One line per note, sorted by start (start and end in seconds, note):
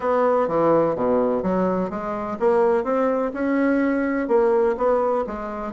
0.00 0.48 B3
0.48 0.95 E3
0.95 1.42 B2
1.42 1.90 F#3
1.90 2.37 G#3
2.39 2.83 A#3
2.83 3.31 C4
3.33 4.27 C#4
4.27 4.75 A#3
4.77 5.24 B3
5.26 5.72 G#3